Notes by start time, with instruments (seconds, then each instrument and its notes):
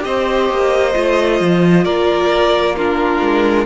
0.00 cello C4, viola G4, violin C5 D#5
0.49 cello A#3
0.94 cello A3, viola F4
1.40 cello F3
1.84 cello A#3, violin A#4 D5
2.76 viola D4, violin F4 A#4
3.20 cello G#3